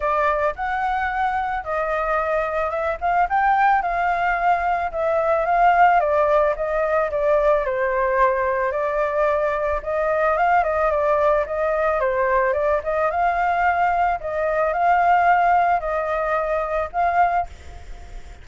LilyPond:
\new Staff \with { instrumentName = "flute" } { \time 4/4 \tempo 4 = 110 d''4 fis''2 dis''4~ | dis''4 e''8 f''8 g''4 f''4~ | f''4 e''4 f''4 d''4 | dis''4 d''4 c''2 |
d''2 dis''4 f''8 dis''8 | d''4 dis''4 c''4 d''8 dis''8 | f''2 dis''4 f''4~ | f''4 dis''2 f''4 | }